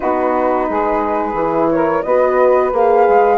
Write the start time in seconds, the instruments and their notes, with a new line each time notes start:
0.00 bassoon B3, horn D#4, saxophone F#4, flute B4
0.69 bassoon G#3, saxophone G#4
1.33 bassoon E3, horn E4
1.70 saxophone A#4, flute C#5
2.02 bassoon B3, horn F#4, saxophone B4, flute D#5
2.72 bassoon A#3, horn G#4, flute F5
3.08 bassoon G#3